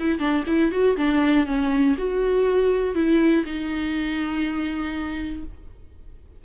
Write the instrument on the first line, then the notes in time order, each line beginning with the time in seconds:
viola
0.00 E4
0.20 D4
0.47 E4
0.72 F#4
0.97 D4
1.47 C#4
1.98 F#4
2.95 E4
3.46 D#4